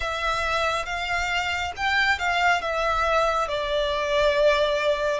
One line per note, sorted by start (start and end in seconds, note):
0.00 0.85 E5
0.85 1.72 F5
1.76 2.18 G5
2.18 2.61 F5
2.61 3.48 E5
3.48 5.20 D5